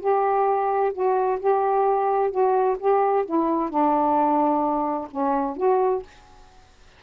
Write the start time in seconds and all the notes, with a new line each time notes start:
0.00 G4
0.93 F#4
1.40 G4
2.31 F#4
2.79 G4
3.26 E4
3.70 D4
5.11 C#4
5.57 F#4